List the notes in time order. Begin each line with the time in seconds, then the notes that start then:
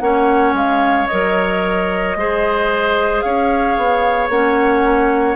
0.00 A#3 C#4 C#5 F#5
0.53 G#3 F5
1.07 F#3 A#4 D#5
2.16 G#3 G#4 C5
3.21 C#4 C#5 F5
3.77 B3
4.29 A#3 C#4 F#5